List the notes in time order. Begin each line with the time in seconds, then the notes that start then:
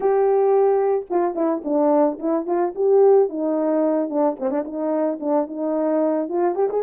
0.00 G4
1.10 F4
1.35 E4
1.64 D4
2.19 E4
2.46 F4
2.75 G4
3.29 D#4
4.09 D4
4.39 C4
4.50 D4
4.64 D#4
5.20 D4
5.47 D#4
6.28 F4
6.55 G4
6.69 G#4